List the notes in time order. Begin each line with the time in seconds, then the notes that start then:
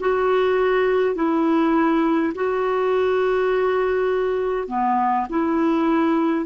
0.00 F#4
1.16 E4
2.35 F#4
4.68 B3
5.29 E4